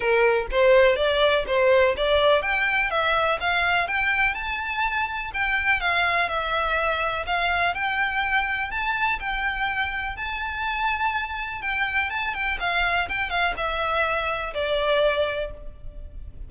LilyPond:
\new Staff \with { instrumentName = "violin" } { \time 4/4 \tempo 4 = 124 ais'4 c''4 d''4 c''4 | d''4 g''4 e''4 f''4 | g''4 a''2 g''4 | f''4 e''2 f''4 |
g''2 a''4 g''4~ | g''4 a''2. | g''4 a''8 g''8 f''4 g''8 f''8 | e''2 d''2 | }